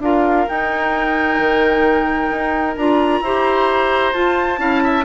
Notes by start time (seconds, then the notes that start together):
0.00 D4 F4 A#4 F5
0.49 D#4 G5
1.39 D#3
2.31 D#4
2.77 D4 F4 A#5
3.21 E4 G4 C5
4.13 F4 A5
4.58 C#4 E4 F5
4.84 E5